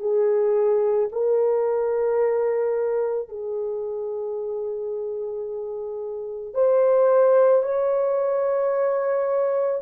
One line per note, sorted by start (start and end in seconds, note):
0.00 1.09 G#4
1.13 3.29 A#4
3.29 6.54 G#4
6.54 7.63 C5
7.63 9.81 C#5